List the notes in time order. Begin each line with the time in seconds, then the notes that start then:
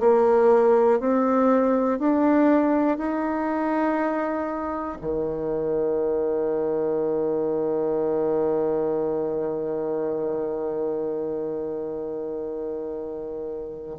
0.00 A#3
1.00 C4
1.99 D4
2.98 D#4
5.01 D#3